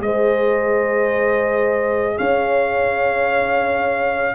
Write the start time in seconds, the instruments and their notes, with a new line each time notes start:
0.00 tuba G#3, trombone G#4, horn C5, trumpet D#5
2.18 tuba C#4, horn C#5, trumpet F5